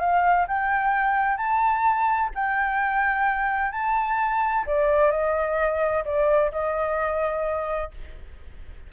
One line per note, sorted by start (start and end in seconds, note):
0.00 0.47 F5
0.48 1.37 G5
1.37 2.30 A5
2.35 3.72 G5
3.72 4.65 A5
4.67 5.11 D5
5.11 6.04 D#5
6.05 6.51 D5
6.52 7.91 D#5